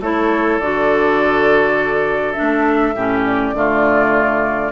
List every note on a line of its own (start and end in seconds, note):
0.00 0.59 A3
0.00 0.61 E4
0.00 2.95 A4
0.00 0.60 C#5
0.59 2.36 D3
0.59 2.35 F#4
0.59 2.32 D5
2.32 2.94 D4
2.32 3.21 E5
2.40 2.95 A3
2.95 3.54 A2
2.95 3.55 C#4
2.95 3.54 G4
3.26 4.72 D5
3.54 4.71 D3
3.54 4.72 A3
3.54 4.72 F4